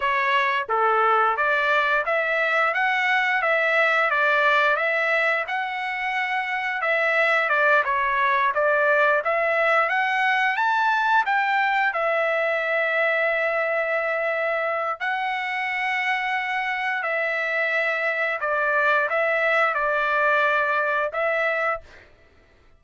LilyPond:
\new Staff \with { instrumentName = "trumpet" } { \time 4/4 \tempo 4 = 88 cis''4 a'4 d''4 e''4 | fis''4 e''4 d''4 e''4 | fis''2 e''4 d''8 cis''8~ | cis''8 d''4 e''4 fis''4 a''8~ |
a''8 g''4 e''2~ e''8~ | e''2 fis''2~ | fis''4 e''2 d''4 | e''4 d''2 e''4 | }